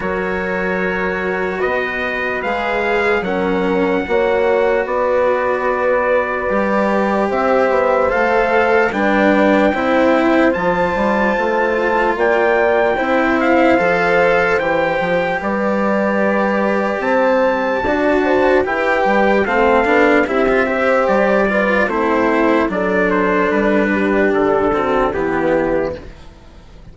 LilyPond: <<
  \new Staff \with { instrumentName = "trumpet" } { \time 4/4 \tempo 4 = 74 cis''2 dis''4 f''4 | fis''2 d''2~ | d''4 e''4 f''4 g''4~ | g''4 a''2 g''4~ |
g''8 f''4. g''4 d''4~ | d''4 a''2 g''4 | f''4 e''4 d''4 c''4 | d''8 c''8 b'4 a'4 g'4 | }
  \new Staff \with { instrumentName = "horn" } { \time 4/4 ais'2 b'2 | ais'4 cis''4 b'2~ | b'4 c''2 b'4 | c''2. d''4 |
c''2. b'4~ | b'4 c''4 d''8 c''8 b'4 | a'4 g'8 c''4 b'8 c'4 | a'4. g'4 fis'8 e'4 | }
  \new Staff \with { instrumentName = "cello" } { \time 4/4 fis'2. gis'4 | cis'4 fis'2. | g'2 a'4 d'4 | e'4 f'2. |
e'4 a'4 g'2~ | g'2 fis'4 g'4 | c'8 d'8 e'16 f'16 g'4 f'8 e'4 | d'2~ d'8 c'8 b4 | }
  \new Staff \with { instrumentName = "bassoon" } { \time 4/4 fis2 b4 gis4 | fis4 ais4 b2 | g4 c'8 b8 a4 g4 | c'4 f8 g8 a4 ais4 |
c'4 f4 e8 f8 g4~ | g4 c'4 d'4 e'8 g8 | a8 b8 c'4 g4 a4 | fis4 g4 d4 e4 | }
>>